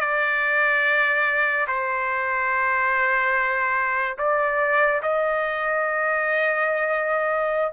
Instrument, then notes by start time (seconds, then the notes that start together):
trumpet
0.00 D5
1.67 C5
4.18 D5
5.02 D#5